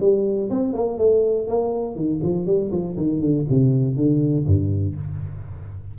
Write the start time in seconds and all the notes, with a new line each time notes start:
0.00 G3
0.49 C4
0.73 A#3
0.98 A3
1.47 A#3
1.95 D#3
2.22 F3
2.45 G3
2.71 F3
2.96 D#3
3.20 D3
3.49 C3
3.96 D3
4.46 G2